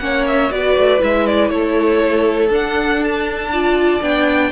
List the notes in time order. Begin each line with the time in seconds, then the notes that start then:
0.00 A#3 C#4 C#5 F#5
0.27 E5
0.51 B3 F#4 B4 D5
0.77 A3
0.99 G#3 E4 E5
1.27 D5
1.50 A3 A4 C#5
2.49 D4 F#5
3.04 A5
3.51 F4 D5
4.02 B3 D4 G5